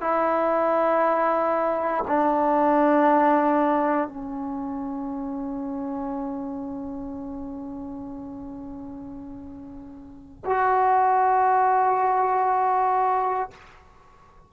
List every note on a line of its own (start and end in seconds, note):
0.00 2.03 E4
2.07 4.07 D4
4.07 10.43 C#4
10.45 13.50 F#4